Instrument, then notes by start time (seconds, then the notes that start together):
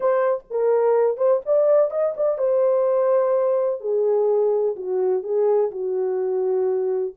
horn
0.00 C5
0.50 A#4
1.17 C5
1.45 D5
1.90 D#5
2.17 D5
2.37 C5
3.80 G#4
4.76 F#4
5.23 G#4
5.71 F#4